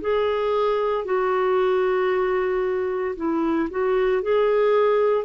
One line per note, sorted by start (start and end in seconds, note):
0.00 1.04 G#4
1.04 3.15 F#4
3.16 3.68 E4
3.70 4.22 F#4
4.22 5.24 G#4